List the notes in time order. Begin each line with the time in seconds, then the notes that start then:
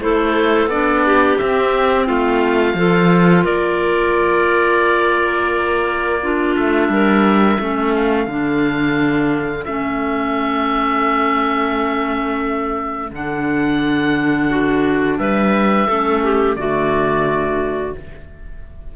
0.00 A3 E4 A4 C5
0.66 B3 D4 D5
1.06 G4
1.38 C4 E5
2.07 A3 F4 F5
2.74 F3 F4 A4
3.44 A#3 A#4 D5
6.22 D4 F4
6.56 A3 E5
6.88 G3 A#4
7.59 A3 C#4 A4
7.95 F5
8.27 D3 D4
9.65 A3 C#4 E5
13.11 D3 D4 F#5
14.49 F#4
15.18 G3 B4 E5
15.88 A3 C#4 A4
16.23 G4
16.55 D3 A3 F#4 D5